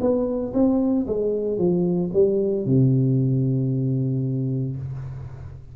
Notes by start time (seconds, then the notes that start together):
0.00 B3
0.54 C4
1.06 G#3
1.58 F3
2.13 G3
2.66 C3